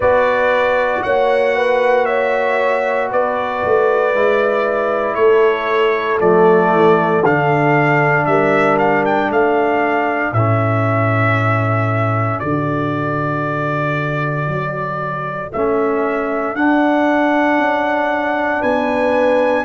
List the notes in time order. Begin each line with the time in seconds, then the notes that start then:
0.00 B3 F#4 B4 D5
1.03 A#3 C#5 F#5
1.55 B4
2.05 C#5 E5
3.11 B3 B4 D5
3.64 A3
4.13 G#3 E4
5.14 A3 A4 C#5
6.19 F3 A3 D5
6.72 E3
7.22 D3 D4 F5
8.25 G3 A#4 E5
8.78 F5
9.05 G5
9.30 A3 A4 F5
10.32 A2 C#4 E5
12.39 D3 F#4 D5
14.47 F#3
15.52 A3 C#4 E5
16.55 D4 F#5
17.58 C#4
18.60 B3 B4 G#5